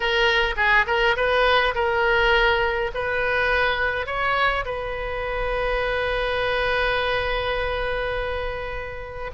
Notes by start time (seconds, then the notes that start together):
0.00 A#4
0.56 G#4
0.86 A#4
1.16 B4
1.74 A#4
2.94 B4
4.06 C#5
4.65 B4